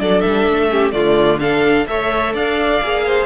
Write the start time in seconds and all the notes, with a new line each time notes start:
0.00 F#3 D4 A4 D5
0.21 G3 E5
0.49 A3
0.71 C#4 G4
0.92 D3 A3 F4 D5
1.40 D4 A4 F5
1.88 A3 A4 C#5 E5
2.34 D4 D5 F5
2.83 A#3 G#4
3.06 C5